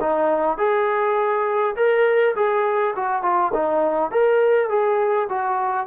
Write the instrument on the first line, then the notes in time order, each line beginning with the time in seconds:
trombone
0.00 D#4
0.57 G#4
1.76 A#4
2.35 G#4
2.95 F#4
3.22 F4
3.53 D#4
4.11 A#4
4.69 G#4
5.29 F#4